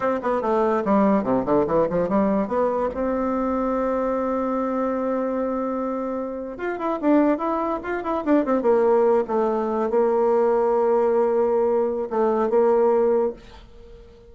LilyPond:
\new Staff \with { instrumentName = "bassoon" } { \time 4/4 \tempo 4 = 144 c'8 b8 a4 g4 c8 d8 | e8 f8 g4 b4 c'4~ | c'1~ | c'2.~ c'8. f'16~ |
f'16 e'8 d'4 e'4 f'8 e'8 d'16~ | d'16 c'8 ais4. a4. ais16~ | ais1~ | ais4 a4 ais2 | }